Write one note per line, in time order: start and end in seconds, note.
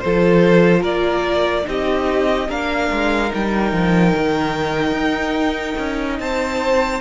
0.00 0.84 F3
0.00 1.64 F4
0.00 0.81 A4
0.00 0.82 C5
0.81 1.66 A#3
0.81 1.63 A#4
0.81 1.66 D5
1.64 2.49 C4
1.64 2.46 D#4
1.64 2.49 G4
1.64 2.50 D#5
2.49 2.91 A#3
2.49 3.28 D4
2.49 6.19 A#4
2.49 3.33 F5
2.92 3.33 G#3
3.28 6.98 D#4
3.35 3.72 G3
3.35 6.20 G5
3.72 4.14 F3
4.16 4.92 D#3
4.92 5.74 D#4
5.78 6.20 C#4
6.20 7.01 C4
6.20 7.01 C5
6.20 7.01 A5